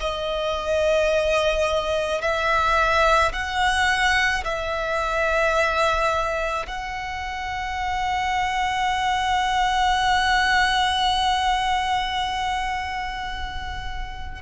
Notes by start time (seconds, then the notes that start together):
0.00 D#5
2.21 E5
3.32 F#5
4.44 E5
6.67 F#5